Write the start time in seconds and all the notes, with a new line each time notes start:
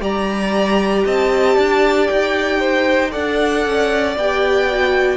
0.00 G3 G4 D5 A#5
1.05 C4 D#5 A5
1.56 D4 D5
2.07 D#4 G5
2.60 C5
3.11 D4 A4 D5 F#5
3.66 C#4
4.16 B3 G4 G5
4.71 F#4